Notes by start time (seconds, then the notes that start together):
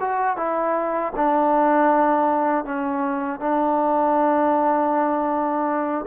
0.00 F#4
0.37 E4
1.16 D4
2.65 C#4
3.40 D4